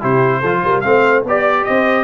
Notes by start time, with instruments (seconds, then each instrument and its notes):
0.00 tuba C3, trombone E4, horn G4, trumpet C5
0.40 tuba F3, trombone F4, horn A4
0.64 tuba G3, horn A#4
0.80 tuba A3, trombone C4, trumpet F5
0.87 horn C5
1.24 tuba B3, trombone G4, horn D5, trumpet D5
1.64 tuba C4, horn C5, trumpet D#5